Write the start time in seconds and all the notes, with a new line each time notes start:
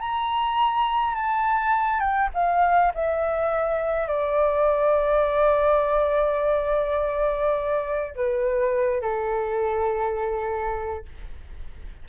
0.00 A#5
1.15 A5
2.00 G5
2.34 F5
2.94 E5
4.08 D5
8.16 B4
9.01 A4